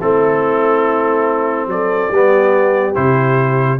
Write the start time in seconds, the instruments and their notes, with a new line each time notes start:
0.00 tuba A3, trombone C4, horn E4, trumpet A4
1.66 tuba F#3, horn A4, trumpet D5
2.10 tuba G3, trombone B3, horn G4
2.94 tuba C3, trombone E4, trumpet C5